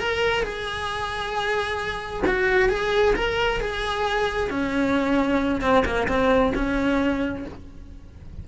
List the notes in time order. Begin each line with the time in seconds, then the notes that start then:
0.00 A#4
0.43 G#4
2.27 F#4
2.70 G#4
3.16 A#4
3.61 G#4
4.50 C#4
5.62 C4
5.85 A#3
6.08 C4
6.55 C#4